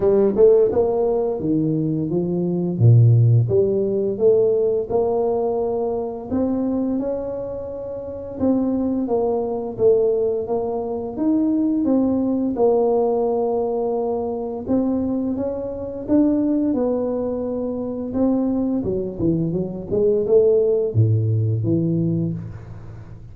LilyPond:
\new Staff \with { instrumentName = "tuba" } { \time 4/4 \tempo 4 = 86 g8 a8 ais4 dis4 f4 | ais,4 g4 a4 ais4~ | ais4 c'4 cis'2 | c'4 ais4 a4 ais4 |
dis'4 c'4 ais2~ | ais4 c'4 cis'4 d'4 | b2 c'4 fis8 e8 | fis8 gis8 a4 a,4 e4 | }